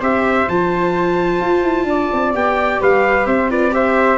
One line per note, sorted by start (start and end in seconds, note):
0.00 0.48 C4
0.00 0.48 G4
0.00 1.86 C5
0.00 0.49 E5
0.49 1.40 F3
0.49 2.33 F4
0.49 2.35 A5
1.40 1.63 F4
1.63 1.84 E4
1.84 2.08 D4
1.84 2.81 D5
2.13 2.34 C4
2.33 2.81 B3
2.33 3.50 G4
2.33 2.82 G5
2.81 3.27 G3
2.81 3.27 B4
2.81 3.27 F5
3.27 4.19 C4
3.27 3.50 C5
3.27 3.50 E5
3.50 3.71 F4
3.50 3.73 B4
3.50 3.74 D5
3.71 4.18 G4
3.71 4.19 C5
3.71 4.19 E5